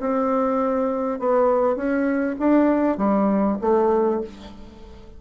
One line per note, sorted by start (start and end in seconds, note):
0.00 1.19 C4
1.19 1.76 B3
1.76 2.36 C#4
2.39 2.98 D4
2.98 3.58 G3
3.61 4.21 A3